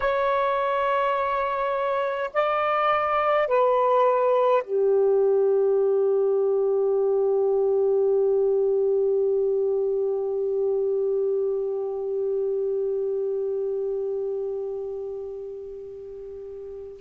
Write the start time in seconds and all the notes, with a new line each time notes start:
0.00 C#5
2.33 D5
3.47 B4
4.63 G4